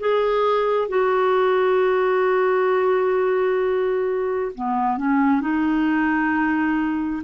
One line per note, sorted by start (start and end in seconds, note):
0.00 0.88 G#4
0.88 4.52 F#4
4.55 4.98 B3
4.98 5.41 C#4
5.41 7.23 D#4